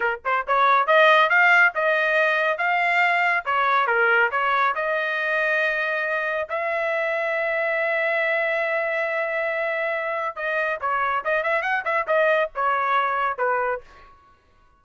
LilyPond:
\new Staff \with { instrumentName = "trumpet" } { \time 4/4 \tempo 4 = 139 ais'8 c''8 cis''4 dis''4 f''4 | dis''2 f''2 | cis''4 ais'4 cis''4 dis''4~ | dis''2. e''4~ |
e''1~ | e''1 | dis''4 cis''4 dis''8 e''8 fis''8 e''8 | dis''4 cis''2 b'4 | }